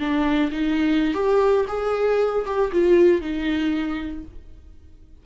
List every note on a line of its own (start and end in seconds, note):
0.00 0.51 D4
0.52 1.14 D#4
1.14 1.66 G4
1.69 2.45 G#4
2.46 2.72 G4
2.72 3.22 F4
3.22 4.24 D#4